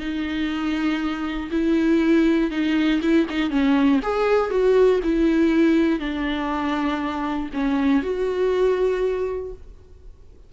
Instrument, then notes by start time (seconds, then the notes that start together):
viola
0.00 D#4
1.51 E4
2.51 D#4
3.02 E4
3.30 D#4
3.51 C#4
4.03 G#4
4.51 F#4
5.04 E4
6.00 D4
7.54 C#4
8.03 F#4